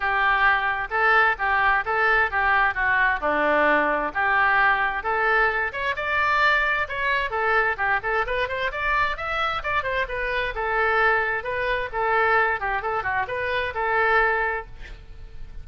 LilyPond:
\new Staff \with { instrumentName = "oboe" } { \time 4/4 \tempo 4 = 131 g'2 a'4 g'4 | a'4 g'4 fis'4 d'4~ | d'4 g'2 a'4~ | a'8 cis''8 d''2 cis''4 |
a'4 g'8 a'8 b'8 c''8 d''4 | e''4 d''8 c''8 b'4 a'4~ | a'4 b'4 a'4. g'8 | a'8 fis'8 b'4 a'2 | }